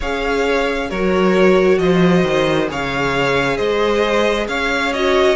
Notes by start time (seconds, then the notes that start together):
0.00 C#4 G#4 C#5 F5
0.89 F#3 F#4 A#4 C#5
1.78 F3 C5 D#5
2.23 D#3
2.68 C#3 G#4 C#5 F5
3.57 G#3 C5 D#5
4.48 C#4 C#5 F5
4.92 F#4 D#5